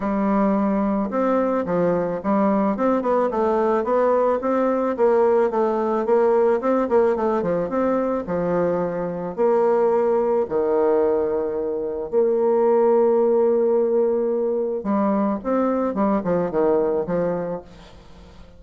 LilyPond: \new Staff \with { instrumentName = "bassoon" } { \time 4/4 \tempo 4 = 109 g2 c'4 f4 | g4 c'8 b8 a4 b4 | c'4 ais4 a4 ais4 | c'8 ais8 a8 f8 c'4 f4~ |
f4 ais2 dis4~ | dis2 ais2~ | ais2. g4 | c'4 g8 f8 dis4 f4 | }